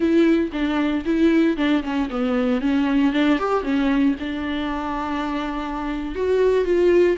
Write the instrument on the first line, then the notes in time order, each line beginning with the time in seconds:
viola
0.00 E4
0.52 D4
1.05 E4
1.56 D4
1.83 C#4
2.09 B3
2.61 C#4
3.12 D4
3.38 G4
3.63 C#4
4.19 D4
6.15 F#4
6.64 F4